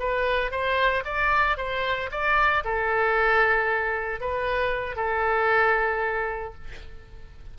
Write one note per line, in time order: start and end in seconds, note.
0.00 0.51 B4
0.51 1.04 C5
1.05 1.58 D5
1.58 2.10 C5
2.11 2.64 D5
2.65 4.21 A4
4.21 4.96 B4
4.96 6.54 A4